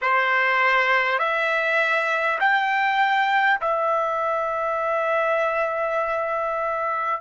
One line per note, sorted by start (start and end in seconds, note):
0.01 1.18 C5
1.18 2.38 E5
2.40 3.60 G5
3.61 7.21 E5